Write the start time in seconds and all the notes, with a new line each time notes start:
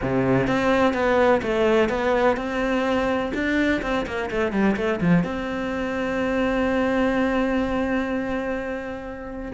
0.02 C3
0.47 C4
0.93 B3
1.42 A3
1.89 B3
2.36 C4
3.34 D4
3.82 C4
4.06 A#3
4.30 A3
4.52 G3
4.76 A3
5.00 F3
5.23 C4